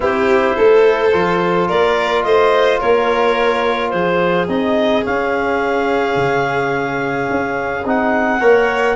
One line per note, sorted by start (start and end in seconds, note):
0.00 0.53 C4
0.00 1.11 E4
0.00 0.55 G4
0.00 1.69 C5
0.55 1.13 A3
0.55 1.67 A4
1.12 1.69 F3
1.12 4.48 F4
1.67 2.24 A#3
1.67 2.23 A#4
1.67 2.23 D5
2.23 2.80 A3
2.23 2.79 C5
2.23 2.79 D#5
2.79 3.92 A#3
2.79 3.91 A#4
2.79 3.90 C#5
3.90 4.48 F3
3.90 8.39 G#4
3.90 4.46 C5
4.47 5.04 C4
4.47 5.03 D#4
4.47 5.04 D#5
5.03 7.83 C#4
5.03 6.15 C#4
5.03 7.86 F5
6.15 7.27 C#3
7.30 7.84 C#4
7.84 8.40 C4
7.84 8.39 D#4
7.84 8.96 F#5
8.39 8.96 A#3
8.39 8.96 A#4
8.39 8.96 C#5